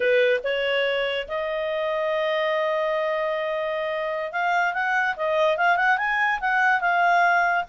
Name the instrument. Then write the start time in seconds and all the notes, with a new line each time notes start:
clarinet
0.00 B4
0.43 C#5
1.28 D#5
4.32 F5
4.73 F#5
5.16 D#5
5.57 F5
5.76 F#5
5.97 G#5
6.40 F#5
6.80 F5